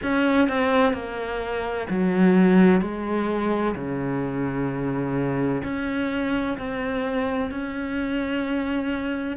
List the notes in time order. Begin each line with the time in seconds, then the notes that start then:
0.03 C#4
0.48 C4
0.93 A#3
1.89 F#3
2.81 G#3
3.75 C#3
5.63 C#4
6.58 C4
7.50 C#4